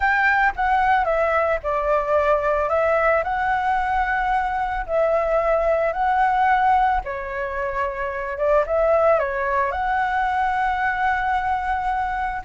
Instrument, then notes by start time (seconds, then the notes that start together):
flute
0.00 G5
0.56 F#5
1.04 E5
1.63 D5
2.69 E5
3.23 F#5
4.86 E5
5.92 F#5
7.04 C#5
8.37 D5
8.66 E5
9.19 C#5
9.71 F#5